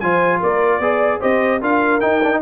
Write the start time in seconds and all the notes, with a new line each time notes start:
0.00 F3 F4 C5 G#5
0.39 A#3 A#4 D5
0.79 B3 G#4 D5
1.20 C4 G4 C5 D#5
1.61 D4 F4 A#4 F5
2.00 D#4 G5
2.23 D4
2.32 D#4